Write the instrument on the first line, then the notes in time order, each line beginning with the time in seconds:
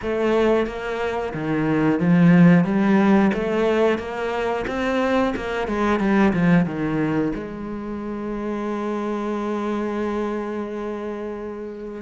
cello
0.02 A3
0.66 A#3
1.33 D#3
1.99 F3
2.64 G3
3.33 A3
3.98 A#3
4.67 C4
5.35 A#3
5.67 G#3
5.99 G3
6.33 F3
6.65 D#3
7.35 G#3